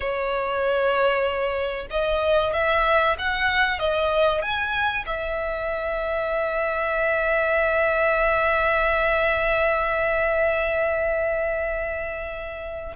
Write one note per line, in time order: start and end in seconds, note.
0.00 1.87 C#5
1.90 2.53 D#5
2.53 3.16 E5
3.18 3.79 F#5
3.79 4.42 D#5
4.42 5.05 G#5
5.06 12.96 E5